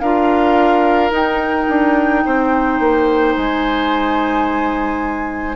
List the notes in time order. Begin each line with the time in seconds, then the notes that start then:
0.00 D4 F4 A#4 F5
1.11 D#4 G5
1.69 D4
2.25 C4 C5
2.80 A#3
3.37 G#3 G#5